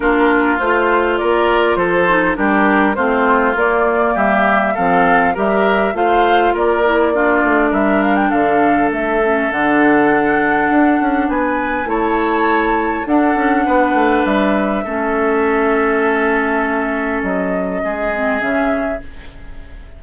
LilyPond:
<<
  \new Staff \with { instrumentName = "flute" } { \time 4/4 \tempo 4 = 101 ais'4 c''4 d''4 c''4 | ais'4 c''4 d''4 e''4 | f''4 e''4 f''4 d''4~ | d''4 e''8 f''16 g''16 f''4 e''4 |
fis''2. gis''4 | a''2 fis''2 | e''1~ | e''4 dis''2 e''4 | }
  \new Staff \with { instrumentName = "oboe" } { \time 4/4 f'2 ais'4 a'4 | g'4 f'2 g'4 | a'4 ais'4 c''4 ais'4 | f'4 ais'4 a'2~ |
a'2. b'4 | cis''2 a'4 b'4~ | b'4 a'2.~ | a'2 gis'2 | }
  \new Staff \with { instrumentName = "clarinet" } { \time 4/4 d'4 f'2~ f'8 dis'8 | d'4 c'4 ais2 | c'4 g'4 f'4. e'8 | d'2.~ d'8 cis'8 |
d'1 | e'2 d'2~ | d'4 cis'2.~ | cis'2~ cis'8 c'8 cis'4 | }
  \new Staff \with { instrumentName = "bassoon" } { \time 4/4 ais4 a4 ais4 f4 | g4 a4 ais4 g4 | f4 g4 a4 ais4~ | ais8 a8 g4 d4 a4 |
d2 d'8 cis'8 b4 | a2 d'8 cis'8 b8 a8 | g4 a2.~ | a4 fis4 gis4 cis4 | }
>>